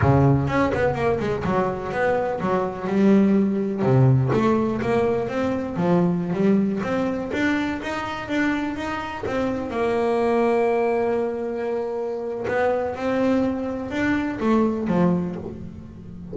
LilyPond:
\new Staff \with { instrumentName = "double bass" } { \time 4/4 \tempo 4 = 125 cis4 cis'8 b8 ais8 gis8 fis4 | b4 fis4 g2 | c4 a4 ais4 c'4 | f4~ f16 g4 c'4 d'8.~ |
d'16 dis'4 d'4 dis'4 c'8.~ | c'16 ais2.~ ais8.~ | ais2 b4 c'4~ | c'4 d'4 a4 f4 | }